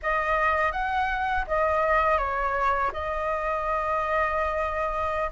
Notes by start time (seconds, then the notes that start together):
0.02 D#5
0.72 F#5
1.47 D#5
2.18 C#5
2.93 D#5